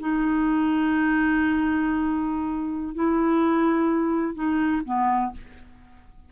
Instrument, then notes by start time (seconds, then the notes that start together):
clarinet
0.00 D#4
2.95 E4
4.35 D#4
4.85 B3